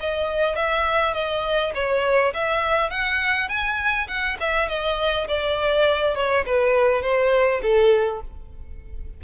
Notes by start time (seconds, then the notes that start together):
0.00 D#5
0.56 E5
1.13 D#5
1.74 C#5
2.33 E5
2.90 F#5
3.48 G#5
4.07 F#5
4.40 E5
4.68 D#5
5.28 D5
6.15 C#5
6.45 B4
7.02 C5
7.62 A4